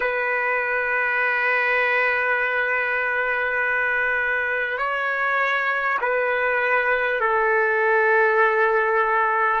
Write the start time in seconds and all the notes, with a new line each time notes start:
0.00 B4
4.78 C#5
6.01 B4
7.20 A4